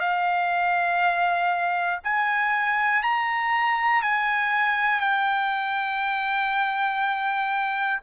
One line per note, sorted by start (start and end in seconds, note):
0.00 2.00 F5
2.04 3.03 G#5
3.03 4.02 A#5
4.02 5.01 G#5
5.01 8.01 G5